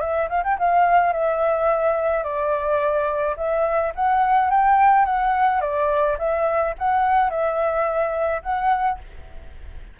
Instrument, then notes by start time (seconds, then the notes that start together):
flute
0.00 E5
0.29 F5
0.43 G5
0.59 F5
1.13 E5
2.23 D5
3.36 E5
3.95 F#5
4.50 G5
5.05 F#5
5.61 D5
6.18 E5
6.78 F#5
7.30 E5
8.42 F#5